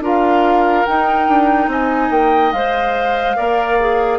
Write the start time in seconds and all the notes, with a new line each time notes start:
0.00 D4 F4 A#4 F5
0.86 D#4 G5
1.28 D4
1.67 C4 D#5 G#5
2.10 A#3 G5
2.52 G#3 C5 F5
3.36 A#3 A#4 D5
3.79 G#4